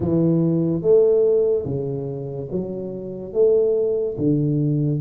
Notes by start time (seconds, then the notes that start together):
0.00 E3
0.81 A3
1.64 C#3
2.51 F#3
3.33 A3
4.17 D3